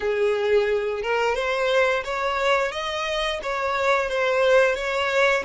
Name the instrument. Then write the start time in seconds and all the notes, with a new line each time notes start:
violin
0.00 G#4
1.02 A#4
1.35 C5
2.04 C#5
2.71 D#5
3.42 C#5
4.09 C5
4.75 C#5